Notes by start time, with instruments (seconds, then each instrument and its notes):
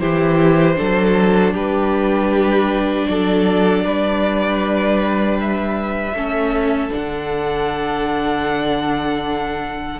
0.00 cello E3, viola E4, violin G4 C5
0.76 cello F#3, viola D4, violin A4
1.54 cello G3, violin G4 B4
3.08 cello F#3, violin A4 D5
3.85 cello G3, violin B4
5.41 violin E5
6.13 cello A3, viola C#4, violin A4
6.91 cello D3, viola D4, violin F#5